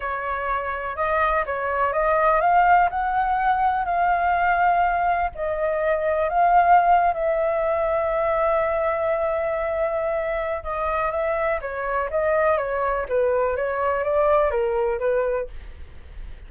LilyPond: \new Staff \with { instrumentName = "flute" } { \time 4/4 \tempo 4 = 124 cis''2 dis''4 cis''4 | dis''4 f''4 fis''2 | f''2. dis''4~ | dis''4 f''4.~ f''16 e''4~ e''16~ |
e''1~ | e''2 dis''4 e''4 | cis''4 dis''4 cis''4 b'4 | cis''4 d''4 ais'4 b'4 | }